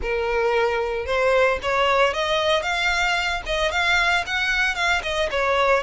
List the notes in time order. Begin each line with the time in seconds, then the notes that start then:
0.01 A#4
1.05 C5
1.62 C#5
2.13 D#5
2.62 F5
3.46 D#5
3.71 F5
4.26 F#5
4.75 F5
5.02 D#5
5.30 C#5